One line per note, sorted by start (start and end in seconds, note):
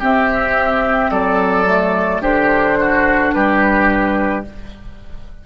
0.00 1.11 C4
0.00 1.67 C4
0.00 1.11 G4
0.00 1.12 E5
1.11 2.21 F#3
1.11 2.22 A4
1.11 2.23 D5
1.67 2.22 A3
2.21 3.32 D3
2.21 4.45 D4
2.21 2.78 G4
2.21 3.33 C5
2.81 3.35 F#4
3.33 4.46 G3
3.33 4.46 G4
3.33 4.44 B4